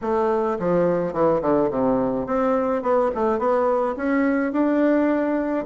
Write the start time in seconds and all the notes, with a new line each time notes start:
0.01 A3
0.59 F3
1.13 E3
1.41 D3
1.70 C3
2.26 C4
2.82 B3
3.14 A3
3.38 B3
3.96 C#4
4.52 D4